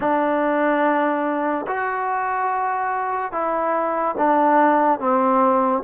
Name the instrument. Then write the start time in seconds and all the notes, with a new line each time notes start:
trombone
0.00 D4
1.67 F#4
3.31 E4
4.17 D4
4.99 C4